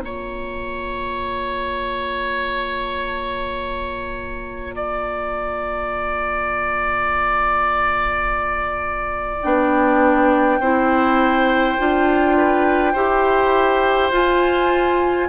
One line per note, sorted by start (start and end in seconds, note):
0.00 9.43 A#3
0.00 9.43 F4
0.00 4.75 C#5
0.00 9.41 A#5
4.76 10.61 D5
9.43 10.60 B3
9.43 10.61 D4
9.43 14.14 G5
10.60 11.77 C4
10.60 11.79 E4
10.60 12.37 C5
11.79 12.95 D4
11.79 12.96 F4
12.37 12.93 B4
12.93 14.11 E4
12.93 14.12 G4
12.93 15.28 C5
14.11 15.29 F4
14.11 15.29 G#5